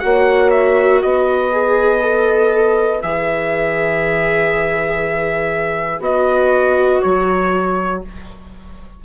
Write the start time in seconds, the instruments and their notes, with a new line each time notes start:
0.00 bassoon A#3, viola F#4, horn C#5, trumpet F#5
0.50 trumpet E5
1.02 bassoon B3, horn B4, trumpet D#5
1.52 viola G#4
2.01 viola A4
3.02 bassoon E3, viola G#4, trumpet E5
6.00 bassoon B3, viola F#4, trumpet D#5
7.02 bassoon F#3, trumpet C#5